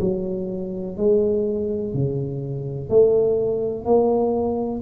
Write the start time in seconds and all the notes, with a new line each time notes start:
0.00 F#3
0.97 G#3
1.94 C#3
2.89 A3
3.85 A#3